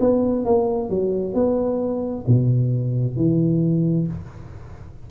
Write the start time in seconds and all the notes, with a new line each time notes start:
0.00 B3
0.45 A#3
0.89 F#3
1.34 B3
2.27 B2
3.16 E3